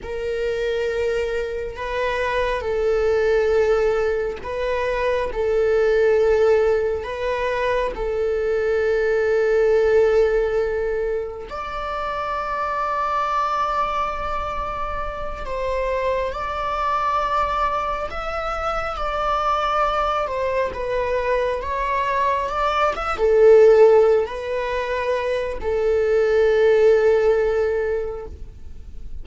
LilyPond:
\new Staff \with { instrumentName = "viola" } { \time 4/4 \tempo 4 = 68 ais'2 b'4 a'4~ | a'4 b'4 a'2 | b'4 a'2.~ | a'4 d''2.~ |
d''4. c''4 d''4.~ | d''8 e''4 d''4. c''8 b'8~ | b'8 cis''4 d''8 e''16 a'4~ a'16 b'8~ | b'4 a'2. | }